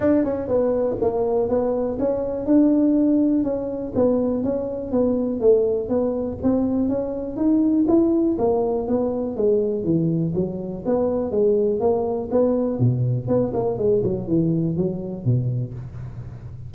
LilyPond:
\new Staff \with { instrumentName = "tuba" } { \time 4/4 \tempo 4 = 122 d'8 cis'8 b4 ais4 b4 | cis'4 d'2 cis'4 | b4 cis'4 b4 a4 | b4 c'4 cis'4 dis'4 |
e'4 ais4 b4 gis4 | e4 fis4 b4 gis4 | ais4 b4 b,4 b8 ais8 | gis8 fis8 e4 fis4 b,4 | }